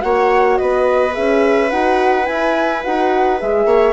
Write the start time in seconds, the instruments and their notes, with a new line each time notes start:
0.00 bassoon A#3, horn F#4, viola C#5, flute F#5
0.58 bassoon B3, viola B4, flute D#5
1.13 bassoon C#4, horn G#4, flute E5
1.71 bassoon D#4, horn F#4, flute F#5
2.24 horn E4, bassoon E4, flute G#5
2.84 bassoon D#4, horn F#4, flute F#5
3.40 bassoon G#3, horn G#4, flute E5
3.66 bassoon A#3, viola C#5